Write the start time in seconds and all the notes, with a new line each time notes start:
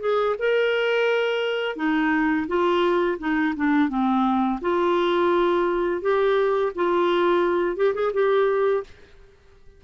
0.00 G#4
0.39 A#4
1.76 D#4
2.47 F4
3.19 D#4
3.56 D4
3.89 C4
4.61 F4
6.02 G4
6.75 F4
7.76 G4
7.94 G#4
8.13 G4